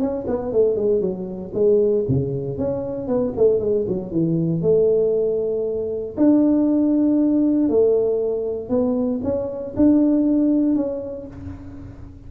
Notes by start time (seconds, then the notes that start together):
0.00 C#4
0.27 B3
0.52 A3
0.76 G#3
1.01 F#3
1.54 G#3
2.08 C#3
2.58 C#4
3.07 B3
3.37 A3
3.60 G#3
3.88 F#3
4.12 E3
4.62 A3
6.17 D4
7.69 A3
8.69 B3
9.23 C#4
9.76 D4
10.76 C#4